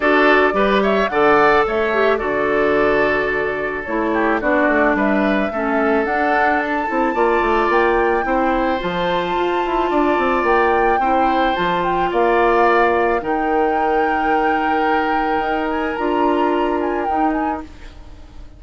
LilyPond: <<
  \new Staff \with { instrumentName = "flute" } { \time 4/4 \tempo 4 = 109 d''4. e''8 fis''4 e''4 | d''2. cis''4 | d''4 e''2 fis''4 | a''2 g''2 |
a''2. g''4~ | g''4 a''8 g''8 f''2 | g''1~ | g''8 gis''8 ais''4. gis''8 g''8 gis''8 | }
  \new Staff \with { instrumentName = "oboe" } { \time 4/4 a'4 b'8 cis''8 d''4 cis''4 | a'2.~ a'8 g'8 | fis'4 b'4 a'2~ | a'4 d''2 c''4~ |
c''2 d''2 | c''2 d''2 | ais'1~ | ais'1 | }
  \new Staff \with { instrumentName = "clarinet" } { \time 4/4 fis'4 g'4 a'4. g'8 | fis'2. e'4 | d'2 cis'4 d'4~ | d'8 e'8 f'2 e'4 |
f'1 | e'4 f'2. | dis'1~ | dis'4 f'2 dis'4 | }
  \new Staff \with { instrumentName = "bassoon" } { \time 4/4 d'4 g4 d4 a4 | d2. a4 | b8 a8 g4 a4 d'4~ | d'8 c'8 ais8 a8 ais4 c'4 |
f4 f'8 e'8 d'8 c'8 ais4 | c'4 f4 ais2 | dis1 | dis'4 d'2 dis'4 | }
>>